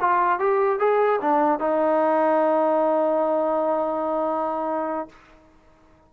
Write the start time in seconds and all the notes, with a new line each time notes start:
0.00 F4
0.39 G4
0.79 G#4
1.21 D4
1.59 D#4